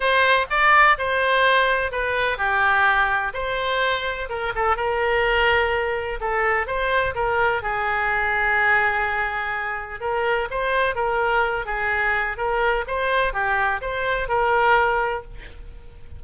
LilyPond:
\new Staff \with { instrumentName = "oboe" } { \time 4/4 \tempo 4 = 126 c''4 d''4 c''2 | b'4 g'2 c''4~ | c''4 ais'8 a'8 ais'2~ | ais'4 a'4 c''4 ais'4 |
gis'1~ | gis'4 ais'4 c''4 ais'4~ | ais'8 gis'4. ais'4 c''4 | g'4 c''4 ais'2 | }